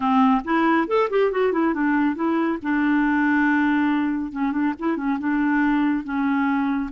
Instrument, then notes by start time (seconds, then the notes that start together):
clarinet
0.00 C4
0.44 E4
0.87 A4
1.09 G4
1.31 F#4
1.52 E4
1.74 D4
2.15 E4
2.62 D4
4.32 C#4
4.52 D4
4.79 E4
4.96 C#4
5.19 D4
6.03 C#4